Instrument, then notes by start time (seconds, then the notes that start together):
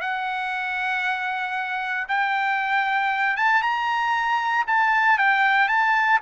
trumpet
0.00 F#5
2.08 G5
3.36 A5
3.62 A#5
4.67 A5
5.18 G5
5.68 A5